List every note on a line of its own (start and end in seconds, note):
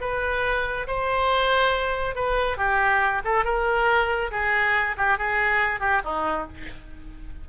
0.00 0.86 B4
0.87 2.15 C5
2.15 2.57 B4
2.57 3.22 G4
3.24 3.44 A4
3.44 4.30 A#4
4.31 4.95 G#4
4.97 5.18 G4
5.18 5.80 G#4
5.80 6.01 G4
6.04 6.47 D#4